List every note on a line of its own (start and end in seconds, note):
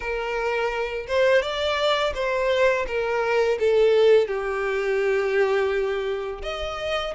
0.00 1.06 A#4
1.07 1.42 C5
1.42 2.13 D5
2.14 2.85 C5
2.87 3.58 A#4
3.59 4.27 A4
4.27 6.42 G4
6.42 7.14 D#5